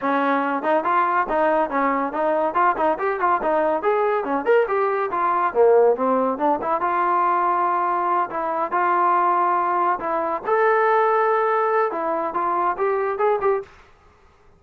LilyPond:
\new Staff \with { instrumentName = "trombone" } { \time 4/4 \tempo 4 = 141 cis'4. dis'8 f'4 dis'4 | cis'4 dis'4 f'8 dis'8 g'8 f'8 | dis'4 gis'4 cis'8 ais'8 g'4 | f'4 ais4 c'4 d'8 e'8 |
f'2.~ f'8 e'8~ | e'8 f'2. e'8~ | e'8 a'2.~ a'8 | e'4 f'4 g'4 gis'8 g'8 | }